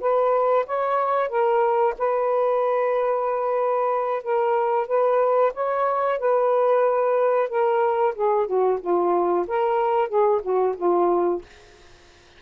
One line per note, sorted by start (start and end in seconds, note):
0.00 0.65 B4
0.66 1.29 C#5
1.29 1.94 A#4
1.98 4.23 B4
4.23 4.88 A#4
4.88 5.53 B4
5.54 6.19 C#5
6.19 7.49 B4
7.49 8.14 A#4
8.15 8.47 G#4
8.47 8.79 F#4
8.81 9.46 F4
9.47 10.08 A#4
10.08 10.41 G#4
10.43 10.75 F#4
10.77 11.42 F4